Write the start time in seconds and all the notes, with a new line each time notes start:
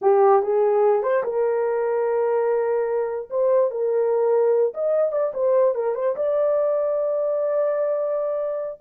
0.01 G4
0.42 G#4
1.02 C5
1.23 A#4
3.30 C5
3.71 A#4
4.74 D#5
5.11 D5
5.33 C5
5.75 A#4
5.95 C5
6.16 D5